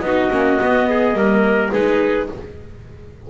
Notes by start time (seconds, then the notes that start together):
0.00 B3 D#4 D#5
0.07 F#4
0.30 A#3 C#4
0.61 B3
0.89 G#4
1.13 G3 A#3 A#4
1.71 G#3 D#4 G#4 B4